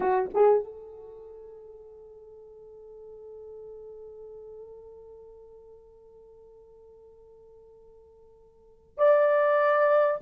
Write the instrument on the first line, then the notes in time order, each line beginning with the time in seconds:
horn
0.00 F#4
0.33 G#4
0.64 A4
8.97 D5